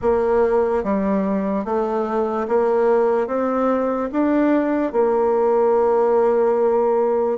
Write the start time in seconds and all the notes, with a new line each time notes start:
0.01 A#3
0.83 G3
1.64 A3
2.47 A#3
3.27 C4
4.12 D4
4.92 A#3